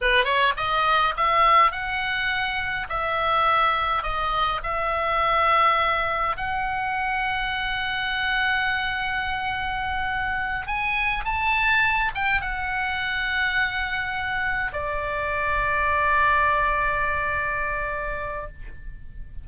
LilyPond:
\new Staff \with { instrumentName = "oboe" } { \time 4/4 \tempo 4 = 104 b'8 cis''8 dis''4 e''4 fis''4~ | fis''4 e''2 dis''4 | e''2. fis''4~ | fis''1~ |
fis''2~ fis''8 gis''4 a''8~ | a''4 g''8 fis''2~ fis''8~ | fis''4. d''2~ d''8~ | d''1 | }